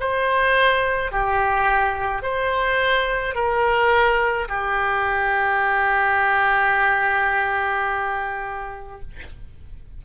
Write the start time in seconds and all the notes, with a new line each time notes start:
0.00 C5
1.12 G4
2.22 C5
3.34 A#4
4.48 G4